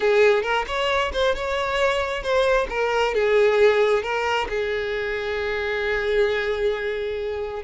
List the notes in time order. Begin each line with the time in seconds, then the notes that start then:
0.00 G#4
0.42 A#4
0.67 C#5
1.13 C5
1.35 C#5
2.22 C5
2.69 A#4
3.14 G#4
4.02 A#4
4.49 G#4